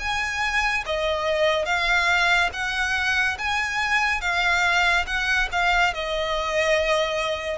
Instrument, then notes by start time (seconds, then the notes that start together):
violin
0.00 G#5
0.86 D#5
1.66 F5
2.53 F#5
3.38 G#5
4.21 F5
5.07 F#5
5.52 F5
5.94 D#5